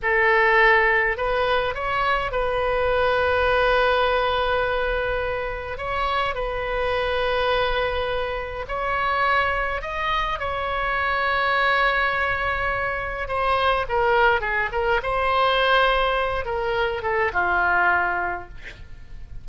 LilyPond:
\new Staff \with { instrumentName = "oboe" } { \time 4/4 \tempo 4 = 104 a'2 b'4 cis''4 | b'1~ | b'2 cis''4 b'4~ | b'2. cis''4~ |
cis''4 dis''4 cis''2~ | cis''2. c''4 | ais'4 gis'8 ais'8 c''2~ | c''8 ais'4 a'8 f'2 | }